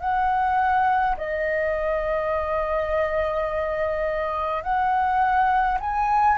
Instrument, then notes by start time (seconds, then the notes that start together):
flute
0.00 F#5
1.17 D#5
4.63 F#5
5.80 G#5